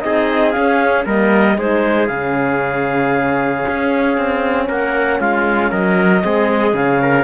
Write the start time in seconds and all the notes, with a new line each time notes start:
0.00 C4 D#4 G#4 D#5
0.51 C#4 F5
1.05 G3 A#3 A#4 D#5
1.57 G#3 D#4 G#4 C5
2.07 C#3 C#4 F5
3.68 C#4
4.17 C4
4.68 A#3 A#4 F#5
5.20 G#3 F4 F5
5.70 F#3 A#4 D#5
6.23 G#3 C4 G#4
6.72 C#3 C#4 F5
7.02 A#4